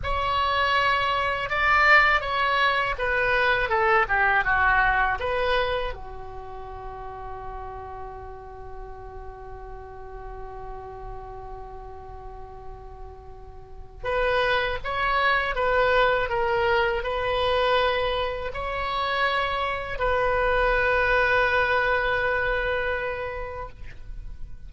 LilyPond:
\new Staff \with { instrumentName = "oboe" } { \time 4/4 \tempo 4 = 81 cis''2 d''4 cis''4 | b'4 a'8 g'8 fis'4 b'4 | fis'1~ | fis'1~ |
fis'2. b'4 | cis''4 b'4 ais'4 b'4~ | b'4 cis''2 b'4~ | b'1 | }